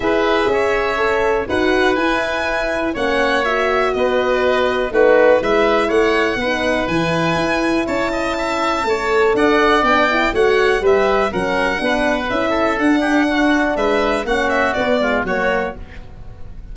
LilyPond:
<<
  \new Staff \with { instrumentName = "violin" } { \time 4/4 \tempo 4 = 122 e''2. fis''4 | gis''2 fis''4 e''4 | dis''2 b'4 e''4 | fis''2 gis''2 |
a''2. fis''4 | g''4 fis''4 e''4 fis''4~ | fis''4 e''4 fis''2 | e''4 fis''8 e''8 d''4 cis''4 | }
  \new Staff \with { instrumentName = "oboe" } { \time 4/4 b'4 cis''2 b'4~ | b'2 cis''2 | b'2 fis'4 b'4 | cis''4 b'2. |
cis''8 dis''8 e''4 cis''4 d''4~ | d''4 cis''4 b'4 ais'4 | b'4. a'4 g'8 fis'4 | b'4 fis'4. f'8 fis'4 | }
  \new Staff \with { instrumentName = "horn" } { \time 4/4 gis'2 a'4 fis'4 | e'2 cis'4 fis'4~ | fis'2 dis'4 e'4~ | e'4 dis'4 e'2~ |
e'2 a'2 | d'8 e'8 fis'4 g'4 cis'4 | d'4 e'4 d'2~ | d'4 cis'4 b8 gis8 ais4 | }
  \new Staff \with { instrumentName = "tuba" } { \time 4/4 e'4 cis'2 dis'4 | e'2 ais2 | b2 a4 gis4 | a4 b4 e4 e'4 |
cis'2 a4 d'4 | b4 a4 g4 fis4 | b4 cis'4 d'2 | gis4 ais4 b4 fis4 | }
>>